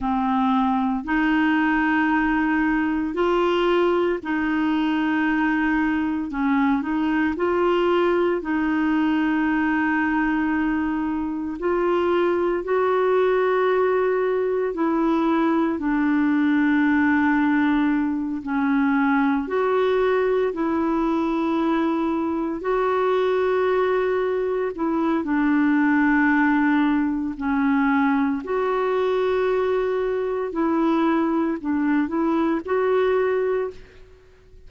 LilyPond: \new Staff \with { instrumentName = "clarinet" } { \time 4/4 \tempo 4 = 57 c'4 dis'2 f'4 | dis'2 cis'8 dis'8 f'4 | dis'2. f'4 | fis'2 e'4 d'4~ |
d'4. cis'4 fis'4 e'8~ | e'4. fis'2 e'8 | d'2 cis'4 fis'4~ | fis'4 e'4 d'8 e'8 fis'4 | }